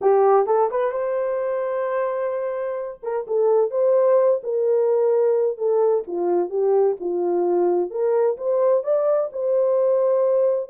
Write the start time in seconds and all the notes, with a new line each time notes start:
0.01 G4
0.46 A4
0.70 B4
0.91 C5
3.02 A#4
3.27 A4
3.70 C5
4.43 A#4
5.57 A4
6.07 F4
6.49 G4
6.99 F4
7.90 A#4
8.37 C5
8.83 D5
9.32 C5